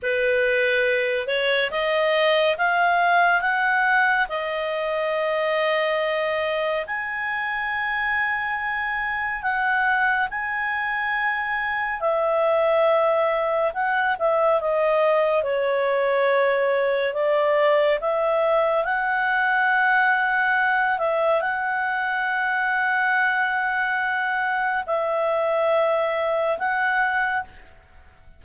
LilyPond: \new Staff \with { instrumentName = "clarinet" } { \time 4/4 \tempo 4 = 70 b'4. cis''8 dis''4 f''4 | fis''4 dis''2. | gis''2. fis''4 | gis''2 e''2 |
fis''8 e''8 dis''4 cis''2 | d''4 e''4 fis''2~ | fis''8 e''8 fis''2.~ | fis''4 e''2 fis''4 | }